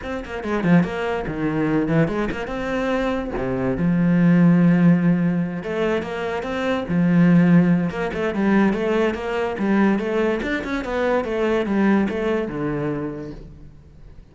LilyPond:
\new Staff \with { instrumentName = "cello" } { \time 4/4 \tempo 4 = 144 c'8 ais8 gis8 f8 ais4 dis4~ | dis8 e8 gis8 ais8 c'2 | c4 f2.~ | f4. a4 ais4 c'8~ |
c'8 f2~ f8 ais8 a8 | g4 a4 ais4 g4 | a4 d'8 cis'8 b4 a4 | g4 a4 d2 | }